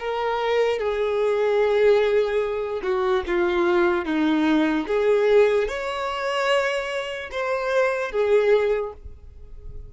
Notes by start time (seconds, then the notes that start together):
0.00 A#4
0.79 G#4
2.83 F#4
3.27 F4
4.05 D#4
4.88 G#4
5.68 C#5
7.32 C5
8.12 G#4